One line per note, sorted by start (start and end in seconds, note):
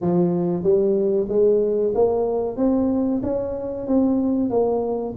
0.01 0.63 F3
0.63 1.27 G3
1.28 1.93 G#3
1.94 2.57 A#3
2.57 3.21 C4
3.23 3.87 C#4
3.87 4.50 C4
4.50 5.14 A#3